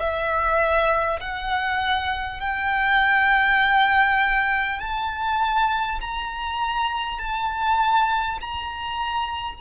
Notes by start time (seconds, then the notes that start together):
0.00 E5
1.21 F#5
2.41 G5
4.80 A5
6.01 A#5
7.19 A5
8.41 A#5